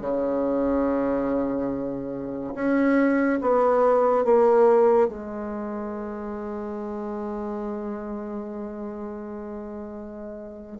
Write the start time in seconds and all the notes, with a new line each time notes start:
0.00 C#3
2.54 C#4
3.41 B3
4.24 A#3
5.08 G#3